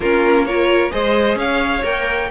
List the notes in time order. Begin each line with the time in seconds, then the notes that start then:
0.00 A#3 C#4 F4 A#4
0.45 F4 A#4 C#5
0.90 G#3 G#4 C5 D#5
1.35 C#4 C#5 F5
1.82 A#3 A#4 G5